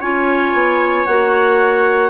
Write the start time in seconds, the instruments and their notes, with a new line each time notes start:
0.00 bassoon C#4, clarinet F4 G#5, trumpet C#5
0.53 bassoon B3
1.06 bassoon A#3, clarinet F#4 F#5